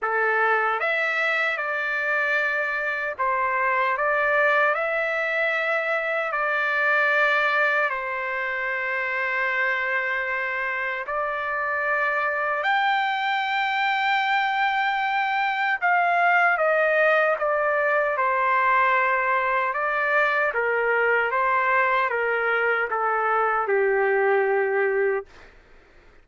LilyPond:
\new Staff \with { instrumentName = "trumpet" } { \time 4/4 \tempo 4 = 76 a'4 e''4 d''2 | c''4 d''4 e''2 | d''2 c''2~ | c''2 d''2 |
g''1 | f''4 dis''4 d''4 c''4~ | c''4 d''4 ais'4 c''4 | ais'4 a'4 g'2 | }